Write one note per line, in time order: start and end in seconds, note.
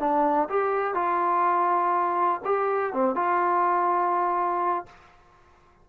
0.00 0.49 D4
0.50 0.95 G4
0.95 2.41 F4
2.45 2.94 G4
2.94 3.16 C4
3.16 4.86 F4